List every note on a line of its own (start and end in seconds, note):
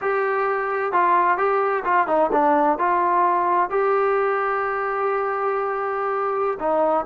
0.01 0.92 G4
0.92 1.37 F4
1.37 1.83 G4
1.84 2.07 F4
2.07 2.30 D#4
2.32 2.78 D4
2.78 3.69 F4
3.69 6.58 G4
6.59 7.05 D#4